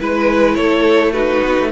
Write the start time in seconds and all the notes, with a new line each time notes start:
0.00 G#3 E4 B4
0.55 A3 A4 C#5
1.13 D#4 F#4 B4
1.43 B3
1.60 A3